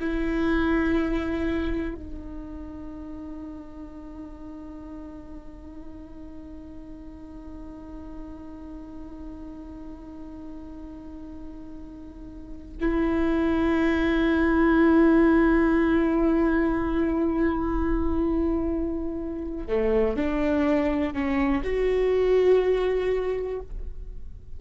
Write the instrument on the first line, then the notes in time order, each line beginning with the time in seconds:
viola
0.00 E4
1.95 D#4
12.81 E4
19.68 A3
20.17 D4
21.14 C#4
21.63 F#4